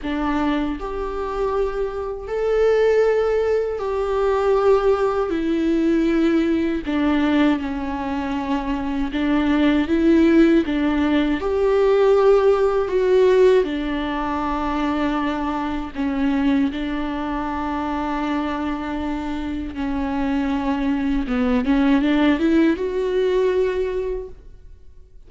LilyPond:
\new Staff \with { instrumentName = "viola" } { \time 4/4 \tempo 4 = 79 d'4 g'2 a'4~ | a'4 g'2 e'4~ | e'4 d'4 cis'2 | d'4 e'4 d'4 g'4~ |
g'4 fis'4 d'2~ | d'4 cis'4 d'2~ | d'2 cis'2 | b8 cis'8 d'8 e'8 fis'2 | }